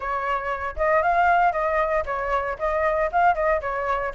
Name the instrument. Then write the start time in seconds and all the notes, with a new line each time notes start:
flute
0.00 C#5
0.76 D#5
1.02 F5
1.52 D#5
2.05 C#5
2.58 D#5
3.12 F5
3.35 D#5
3.61 C#5